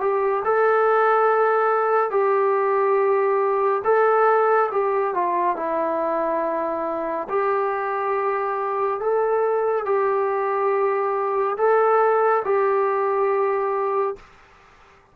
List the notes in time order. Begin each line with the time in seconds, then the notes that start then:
0.00 G4
0.44 A4
2.10 G4
3.84 A4
4.71 G4
5.14 F4
5.56 E4
7.29 G4
9.00 A4
9.85 G4
11.57 A4
12.44 G4